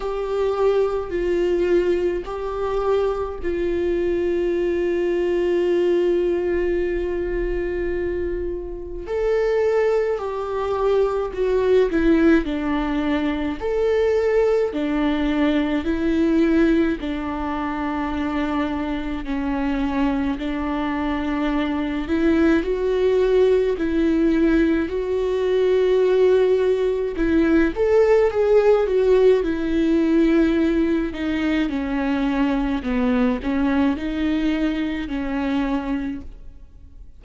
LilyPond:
\new Staff \with { instrumentName = "viola" } { \time 4/4 \tempo 4 = 53 g'4 f'4 g'4 f'4~ | f'1 | a'4 g'4 fis'8 e'8 d'4 | a'4 d'4 e'4 d'4~ |
d'4 cis'4 d'4. e'8 | fis'4 e'4 fis'2 | e'8 a'8 gis'8 fis'8 e'4. dis'8 | cis'4 b8 cis'8 dis'4 cis'4 | }